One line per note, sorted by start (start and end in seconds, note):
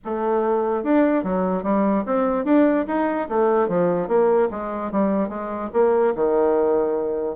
0.04 0.83 A3
0.83 1.23 D4
1.23 1.63 F#3
1.63 2.04 G3
2.06 2.44 C4
2.44 2.85 D4
2.87 3.28 D#4
3.29 3.68 A3
3.68 4.08 F3
4.08 4.48 A#3
4.50 4.91 G#3
4.91 5.28 G3
5.28 5.69 G#3
5.73 6.14 A#3
6.15 7.36 D#3